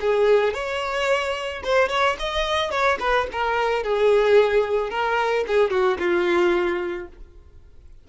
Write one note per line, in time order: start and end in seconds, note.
0.00 0.53 G#4
0.53 1.62 C#5
1.63 1.89 C5
1.89 2.16 C#5
2.19 2.70 D#5
2.70 2.98 C#5
3.00 3.27 B4
3.32 3.83 A#4
3.83 4.90 G#4
4.90 5.44 A#4
5.47 5.70 G#4
5.70 5.97 F#4
5.98 7.07 F4